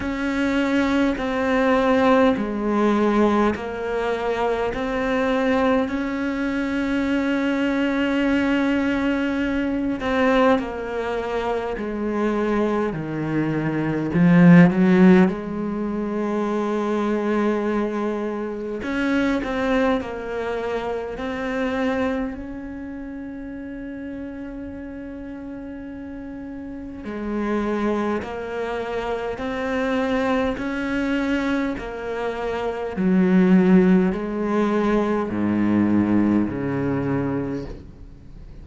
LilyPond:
\new Staff \with { instrumentName = "cello" } { \time 4/4 \tempo 4 = 51 cis'4 c'4 gis4 ais4 | c'4 cis'2.~ | cis'8 c'8 ais4 gis4 dis4 | f8 fis8 gis2. |
cis'8 c'8 ais4 c'4 cis'4~ | cis'2. gis4 | ais4 c'4 cis'4 ais4 | fis4 gis4 gis,4 cis4 | }